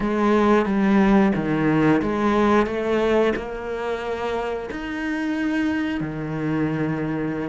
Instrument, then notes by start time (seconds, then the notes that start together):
cello
0.00 G#3
0.65 G3
1.35 D#3
2.02 G#3
2.66 A3
3.36 A#3
4.70 D#4
6.00 D#3